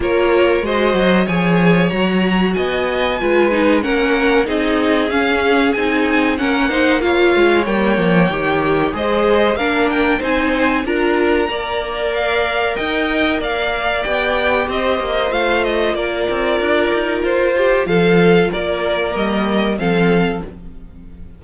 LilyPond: <<
  \new Staff \with { instrumentName = "violin" } { \time 4/4 \tempo 4 = 94 cis''4 dis''4 gis''4 ais''4 | gis''2 fis''4 dis''4 | f''4 gis''4 fis''4 f''4 | g''2 dis''4 f''8 g''8 |
gis''4 ais''2 f''4 | g''4 f''4 g''4 dis''4 | f''8 dis''8 d''2 c''4 | f''4 d''4 dis''4 f''4 | }
  \new Staff \with { instrumentName = "violin" } { \time 4/4 ais'4 c''4 cis''2 | dis''4 b'4 ais'4 gis'4~ | gis'2 ais'8 c''8 cis''4~ | cis''2 c''4 ais'4 |
c''4 ais'4 d''2 | dis''4 d''2 c''4~ | c''4 ais'2~ ais'8 g'8 | a'4 ais'2 a'4 | }
  \new Staff \with { instrumentName = "viola" } { \time 4/4 f'4 fis'4 gis'4 fis'4~ | fis'4 f'8 dis'8 cis'4 dis'4 | cis'4 dis'4 cis'8 dis'8 f'4 | ais4 g'4 gis'4 d'4 |
dis'4 f'4 ais'2~ | ais'2 g'2 | f'1~ | f'2 ais4 c'4 | }
  \new Staff \with { instrumentName = "cello" } { \time 4/4 ais4 gis8 fis8 f4 fis4 | b4 gis4 ais4 c'4 | cis'4 c'4 ais4. gis8 | g8 f8 dis4 gis4 ais4 |
c'4 d'4 ais2 | dis'4 ais4 b4 c'8 ais8 | a4 ais8 c'8 d'8 dis'8 f'4 | f4 ais4 g4 f4 | }
>>